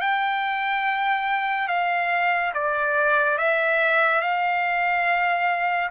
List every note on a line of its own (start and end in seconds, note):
0.00 1.67 G5
1.67 2.52 F5
2.54 3.38 D5
3.38 4.21 E5
4.21 5.90 F5